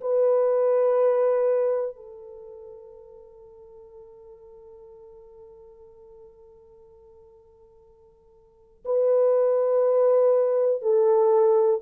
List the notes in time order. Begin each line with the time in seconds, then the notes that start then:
0.00 B4
1.95 A4
8.85 B4
10.82 A4